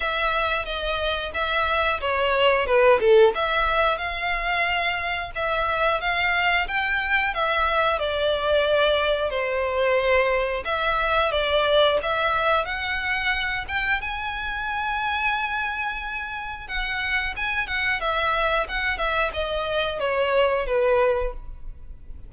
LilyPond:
\new Staff \with { instrumentName = "violin" } { \time 4/4 \tempo 4 = 90 e''4 dis''4 e''4 cis''4 | b'8 a'8 e''4 f''2 | e''4 f''4 g''4 e''4 | d''2 c''2 |
e''4 d''4 e''4 fis''4~ | fis''8 g''8 gis''2.~ | gis''4 fis''4 gis''8 fis''8 e''4 | fis''8 e''8 dis''4 cis''4 b'4 | }